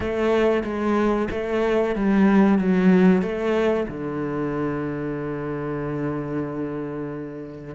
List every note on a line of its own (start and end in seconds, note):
0.00 0.63 A3
0.64 1.28 G#3
1.30 1.95 A3
1.95 2.58 G3
2.58 3.22 F#3
3.22 3.86 A3
3.88 7.74 D3